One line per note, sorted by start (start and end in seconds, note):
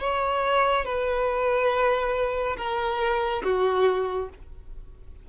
0.00 0.85 C#5
0.85 2.57 B4
2.57 3.43 A#4
3.44 4.29 F#4